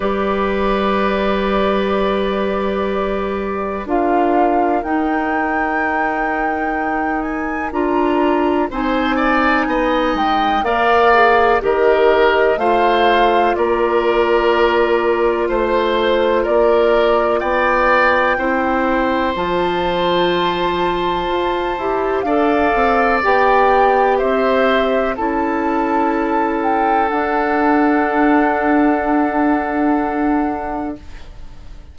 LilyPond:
<<
  \new Staff \with { instrumentName = "flute" } { \time 4/4 \tempo 4 = 62 d''1 | f''4 g''2~ g''8 gis''8 | ais''4 gis''4. g''8 f''4 | dis''4 f''4 d''2 |
c''4 d''4 g''2 | a''2. f''4 | g''4 e''4 a''4. g''8 | fis''1 | }
  \new Staff \with { instrumentName = "oboe" } { \time 4/4 b'1 | ais'1~ | ais'4 c''8 d''8 dis''4 d''4 | ais'4 c''4 ais'2 |
c''4 ais'4 d''4 c''4~ | c''2. d''4~ | d''4 c''4 a'2~ | a'1 | }
  \new Staff \with { instrumentName = "clarinet" } { \time 4/4 g'1 | f'4 dis'2. | f'4 dis'2 ais'8 gis'8 | g'4 f'2.~ |
f'2. e'4 | f'2~ f'8 g'8 a'4 | g'2 e'2 | d'1 | }
  \new Staff \with { instrumentName = "bassoon" } { \time 4/4 g1 | d'4 dis'2. | d'4 c'4 b8 gis8 ais4 | dis4 a4 ais2 |
a4 ais4 b4 c'4 | f2 f'8 e'8 d'8 c'8 | b4 c'4 cis'2 | d'1 | }
>>